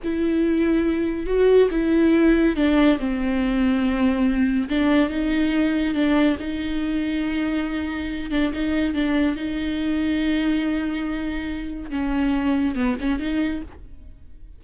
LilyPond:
\new Staff \with { instrumentName = "viola" } { \time 4/4 \tempo 4 = 141 e'2. fis'4 | e'2 d'4 c'4~ | c'2. d'4 | dis'2 d'4 dis'4~ |
dis'2.~ dis'8 d'8 | dis'4 d'4 dis'2~ | dis'1 | cis'2 b8 cis'8 dis'4 | }